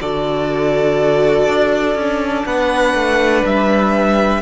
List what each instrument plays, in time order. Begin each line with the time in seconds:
0.00 cello D3, viola F#4, violin A4 D5
1.48 cello D4
1.95 cello C#4, viola D4
2.45 cello B3, violin B4 F#5
2.94 cello A3
3.45 cello G3, violin E5